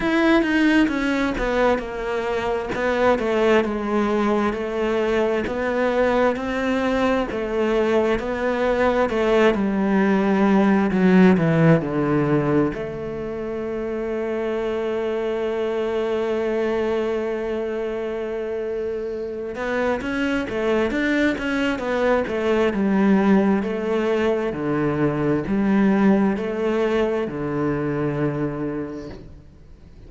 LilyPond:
\new Staff \with { instrumentName = "cello" } { \time 4/4 \tempo 4 = 66 e'8 dis'8 cis'8 b8 ais4 b8 a8 | gis4 a4 b4 c'4 | a4 b4 a8 g4. | fis8 e8 d4 a2~ |
a1~ | a4. b8 cis'8 a8 d'8 cis'8 | b8 a8 g4 a4 d4 | g4 a4 d2 | }